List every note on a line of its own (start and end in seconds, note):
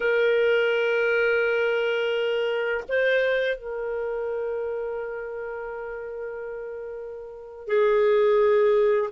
0.00 2.84 A#4
2.88 3.56 C5
3.56 7.67 A#4
7.67 9.10 G#4